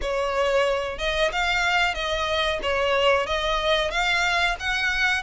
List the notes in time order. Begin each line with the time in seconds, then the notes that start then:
0.01 C#5
0.98 D#5
1.32 F5
1.94 D#5
2.62 C#5
3.26 D#5
3.90 F5
4.59 F#5